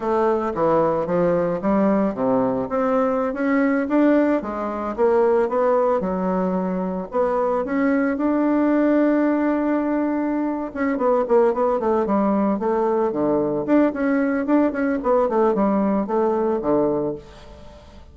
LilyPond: \new Staff \with { instrumentName = "bassoon" } { \time 4/4 \tempo 4 = 112 a4 e4 f4 g4 | c4 c'4~ c'16 cis'4 d'8.~ | d'16 gis4 ais4 b4 fis8.~ | fis4~ fis16 b4 cis'4 d'8.~ |
d'1 | cis'8 b8 ais8 b8 a8 g4 a8~ | a8 d4 d'8 cis'4 d'8 cis'8 | b8 a8 g4 a4 d4 | }